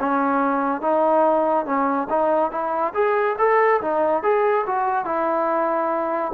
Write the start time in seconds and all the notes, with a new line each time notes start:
0.00 C#4
0.82 D#4
1.66 C#4
2.10 D#4
2.51 E4
2.94 G#4
3.39 A4
3.81 D#4
4.23 G#4
4.66 F#4
5.06 E4